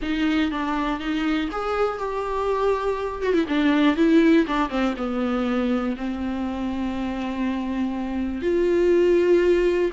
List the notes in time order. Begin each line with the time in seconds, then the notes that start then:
0.01 D#4
0.51 D4
0.99 D#4
1.51 G#4
1.98 G4
3.22 F#4
3.33 E4
3.47 D4
3.96 E4
4.46 D4
4.69 C4
4.97 B3
5.96 C4
8.42 F4